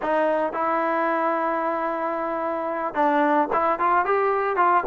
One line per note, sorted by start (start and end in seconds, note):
0.01 0.53 D#4
0.53 2.94 E4
2.94 3.48 D4
3.53 3.79 E4
3.79 4.05 F4
4.05 4.56 G4
4.56 4.83 F4